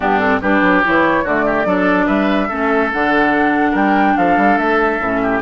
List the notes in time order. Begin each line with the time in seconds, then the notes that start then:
0.00 G2 B3 D4 G4
0.19 C4 A4
0.41 G3 D4 G4 B4
0.61 F#3
0.84 E3 E4 C#5
1.24 D3 A3 F#4 D5
1.45 G4
1.65 F#3 D4 A4
2.06 G3 B4 E5
2.48 A3 C#4 A4
2.92 D3 D4 F#5
3.71 G3 A#4 G5
4.16 F3 A4 F5
4.37 G3
4.57 A3 E5
5.00 A2 C#4
5.22 G4